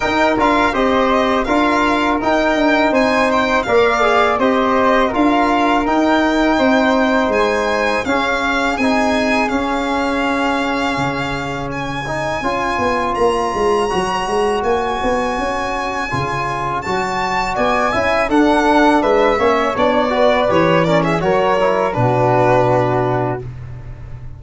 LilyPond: <<
  \new Staff \with { instrumentName = "violin" } { \time 4/4 \tempo 4 = 82 g''8 f''8 dis''4 f''4 g''4 | gis''8 g''8 f''4 dis''4 f''4 | g''2 gis''4 f''4 | gis''4 f''2. |
gis''2 ais''2 | gis''2. a''4 | gis''4 fis''4 e''4 d''4 | cis''8 d''16 e''16 cis''4 b'2 | }
  \new Staff \with { instrumentName = "flute" } { \time 4/4 ais'4 c''4 ais'2 | c''4 d''4 c''4 ais'4~ | ais'4 c''2 gis'4~ | gis'1 |
cis''1~ | cis''1 | d''8 e''8 a'4 b'8 cis''4 b'8~ | b'8 ais'16 gis'16 ais'4 fis'2 | }
  \new Staff \with { instrumentName = "trombone" } { \time 4/4 dis'8 f'8 g'4 f'4 dis'4~ | dis'4 ais'8 gis'8 g'4 f'4 | dis'2. cis'4 | dis'4 cis'2.~ |
cis'8 dis'8 f'2 fis'4~ | fis'2 f'4 fis'4~ | fis'8 e'8 d'4. cis'8 d'8 fis'8 | g'8 cis'8 fis'8 e'8 d'2 | }
  \new Staff \with { instrumentName = "tuba" } { \time 4/4 dis'8 d'8 c'4 d'4 dis'8 d'8 | c'4 ais4 c'4 d'4 | dis'4 c'4 gis4 cis'4 | c'4 cis'2 cis4~ |
cis4 cis'8 b8 ais8 gis8 fis8 gis8 | ais8 b8 cis'4 cis4 fis4 | b8 cis'8 d'4 gis8 ais8 b4 | e4 fis4 b,2 | }
>>